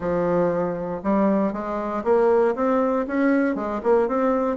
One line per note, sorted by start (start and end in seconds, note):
0.00 1.01 F3
1.03 1.53 G3
1.53 2.03 G#3
2.04 2.54 A#3
2.55 3.06 C4
3.07 3.55 C#4
3.55 3.80 G#3
3.83 4.08 A#3
4.08 4.56 C4